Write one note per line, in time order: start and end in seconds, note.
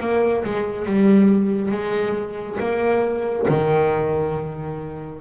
0.00 0.43 A#3
0.44 0.86 G#3
0.86 1.71 G3
1.71 2.58 G#3
2.59 3.46 A#3
3.48 5.21 D#3